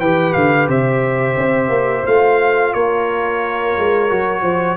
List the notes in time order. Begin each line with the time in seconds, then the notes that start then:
0.00 E3 G4 B4 G5
0.33 D3 F5
0.68 C3 C5 E5
1.37 C4
1.69 A#3
2.07 A3 F4 F5
2.74 A#3 A#4 C#5
3.78 G#3
4.10 F#3 F#4
4.42 F3 C5